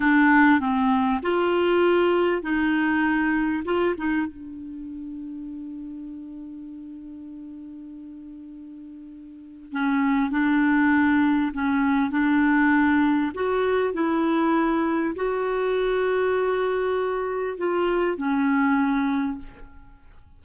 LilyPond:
\new Staff \with { instrumentName = "clarinet" } { \time 4/4 \tempo 4 = 99 d'4 c'4 f'2 | dis'2 f'8 dis'8 d'4~ | d'1~ | d'1 |
cis'4 d'2 cis'4 | d'2 fis'4 e'4~ | e'4 fis'2.~ | fis'4 f'4 cis'2 | }